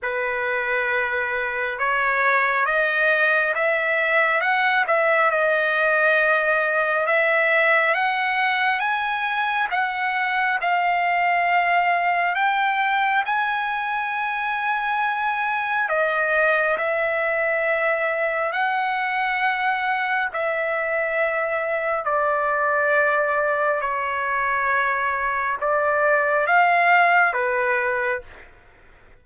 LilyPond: \new Staff \with { instrumentName = "trumpet" } { \time 4/4 \tempo 4 = 68 b'2 cis''4 dis''4 | e''4 fis''8 e''8 dis''2 | e''4 fis''4 gis''4 fis''4 | f''2 g''4 gis''4~ |
gis''2 dis''4 e''4~ | e''4 fis''2 e''4~ | e''4 d''2 cis''4~ | cis''4 d''4 f''4 b'4 | }